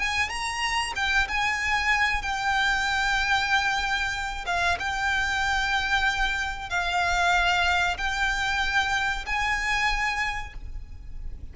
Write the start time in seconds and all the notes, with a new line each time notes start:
0.00 G#5
0.30 A#5
0.96 G5
1.28 G#5
2.22 G5
4.47 F5
4.80 G5
6.70 F5
7.98 G5
9.26 G#5